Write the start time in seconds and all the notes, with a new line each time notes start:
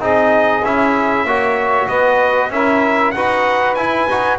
0.00 C4 D#4 G#4 D#5
0.64 C#4 E4 E5
1.25 A#3 F#4 C#5
1.89 B3 B4 D#5
2.50 C#4 E4 A#4 E5
3.12 D#4 F#4 B4 F#5
3.75 E4 G#5
4.08 D#4 F#4